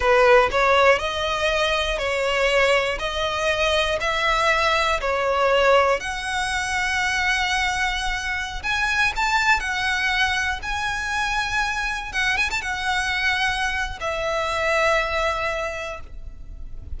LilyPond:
\new Staff \with { instrumentName = "violin" } { \time 4/4 \tempo 4 = 120 b'4 cis''4 dis''2 | cis''2 dis''2 | e''2 cis''2 | fis''1~ |
fis''4~ fis''16 gis''4 a''4 fis''8.~ | fis''4~ fis''16 gis''2~ gis''8.~ | gis''16 fis''8 gis''16 a''16 fis''2~ fis''8. | e''1 | }